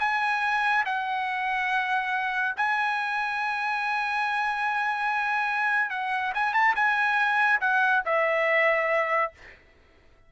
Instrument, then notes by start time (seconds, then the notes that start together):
trumpet
0.00 G#5
0.86 F#5
2.57 G#5
5.91 F#5
6.35 G#5
6.54 A5
6.76 G#5
7.61 F#5
8.06 E5